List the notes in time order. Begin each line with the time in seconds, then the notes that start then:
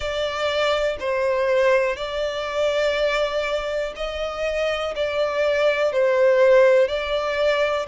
0.00 D5
0.99 C5
1.96 D5
3.96 D#5
4.95 D5
5.92 C5
6.88 D5